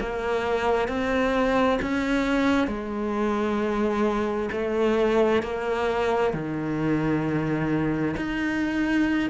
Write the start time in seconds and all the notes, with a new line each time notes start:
0.00 A#3
0.88 C4
1.82 C#4
2.67 G#3
4.52 A3
5.43 A#3
6.33 D#3
8.17 D#4